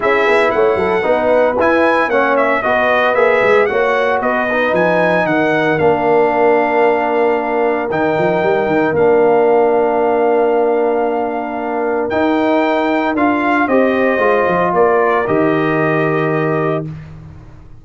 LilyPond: <<
  \new Staff \with { instrumentName = "trumpet" } { \time 4/4 \tempo 4 = 114 e''4 fis''2 gis''4 | fis''8 e''8 dis''4 e''4 fis''4 | dis''4 gis''4 fis''4 f''4~ | f''2. g''4~ |
g''4 f''2.~ | f''2. g''4~ | g''4 f''4 dis''2 | d''4 dis''2. | }
  \new Staff \with { instrumentName = "horn" } { \time 4/4 gis'4 cis''8 a'8 b'2 | cis''4 b'2 cis''4 | b'2 ais'2~ | ais'1~ |
ais'1~ | ais'1~ | ais'2 c''2 | ais'1 | }
  \new Staff \with { instrumentName = "trombone" } { \time 4/4 e'2 dis'4 e'4 | cis'4 fis'4 gis'4 fis'4~ | fis'8 dis'2~ dis'8 d'4~ | d'2. dis'4~ |
dis'4 d'2.~ | d'2. dis'4~ | dis'4 f'4 g'4 f'4~ | f'4 g'2. | }
  \new Staff \with { instrumentName = "tuba" } { \time 4/4 cis'8 b8 a8 fis8 b4 e'4 | ais4 b4 ais8 gis8 ais4 | b4 f4 dis4 ais4~ | ais2. dis8 f8 |
g8 dis8 ais2.~ | ais2. dis'4~ | dis'4 d'4 c'4 gis8 f8 | ais4 dis2. | }
>>